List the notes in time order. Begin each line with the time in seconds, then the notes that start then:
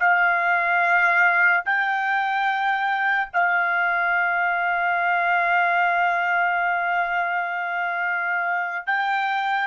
0.00 F5
1.65 G5
3.33 F5
8.87 G5